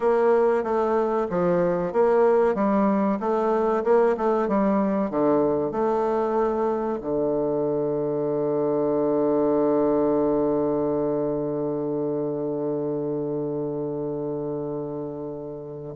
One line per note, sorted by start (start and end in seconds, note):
0.00 0.63 A#3
0.63 1.27 A3
1.30 1.92 F3
1.92 2.54 A#3
2.54 3.18 G3
3.19 3.83 A3
3.84 4.16 A#3
4.17 4.47 A3
4.47 5.10 G3
5.10 5.71 D3
5.71 6.99 A3
7.01 15.94 D3